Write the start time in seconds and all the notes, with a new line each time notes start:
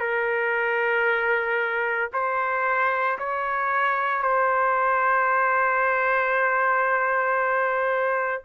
0.00 A#4
2.13 C5
3.19 C#5
4.23 C5